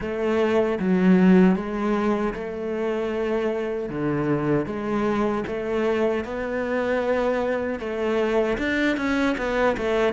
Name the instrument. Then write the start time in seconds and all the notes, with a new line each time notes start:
cello
0.00 A3
0.79 F#3
1.55 G#3
2.33 A3
3.89 D3
4.66 G#3
5.47 A3
6.24 B3
7.79 A3
8.57 D4
8.96 C#4
9.37 B3
9.77 A3